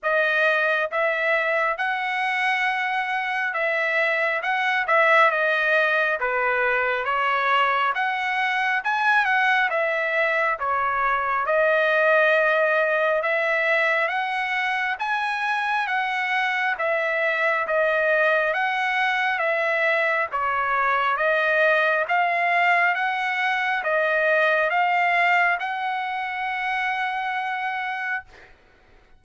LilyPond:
\new Staff \with { instrumentName = "trumpet" } { \time 4/4 \tempo 4 = 68 dis''4 e''4 fis''2 | e''4 fis''8 e''8 dis''4 b'4 | cis''4 fis''4 gis''8 fis''8 e''4 | cis''4 dis''2 e''4 |
fis''4 gis''4 fis''4 e''4 | dis''4 fis''4 e''4 cis''4 | dis''4 f''4 fis''4 dis''4 | f''4 fis''2. | }